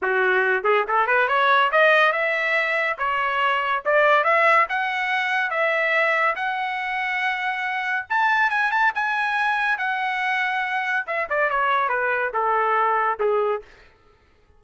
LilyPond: \new Staff \with { instrumentName = "trumpet" } { \time 4/4 \tempo 4 = 141 fis'4. gis'8 a'8 b'8 cis''4 | dis''4 e''2 cis''4~ | cis''4 d''4 e''4 fis''4~ | fis''4 e''2 fis''4~ |
fis''2. a''4 | gis''8 a''8 gis''2 fis''4~ | fis''2 e''8 d''8 cis''4 | b'4 a'2 gis'4 | }